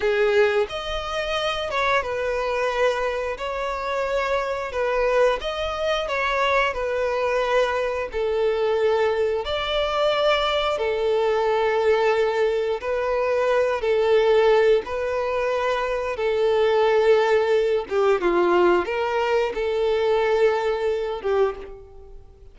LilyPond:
\new Staff \with { instrumentName = "violin" } { \time 4/4 \tempo 4 = 89 gis'4 dis''4. cis''8 b'4~ | b'4 cis''2 b'4 | dis''4 cis''4 b'2 | a'2 d''2 |
a'2. b'4~ | b'8 a'4. b'2 | a'2~ a'8 g'8 f'4 | ais'4 a'2~ a'8 g'8 | }